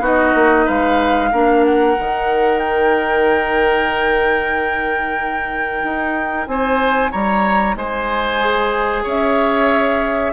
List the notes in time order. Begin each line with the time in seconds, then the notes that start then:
0.00 B3 D#4 F#4 D#5
0.34 A#3
0.65 G#3 B4 F5
1.31 A#3 D4 A#4
1.64 F#5
1.97 D#3 D#4
2.59 G5
5.83 D#4
6.46 C4 C5 G#5
7.11 G3 C#5 A#5
7.75 G#3 C5 G#5
8.40 G#4
9.03 C#4 C#5 E5